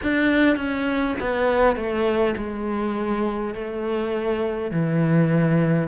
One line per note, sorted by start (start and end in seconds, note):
0.02 0.56 D4
0.56 1.15 C#4
1.20 1.75 B3
1.75 2.34 A3
2.36 3.54 G#3
3.54 4.71 A3
4.71 5.88 E3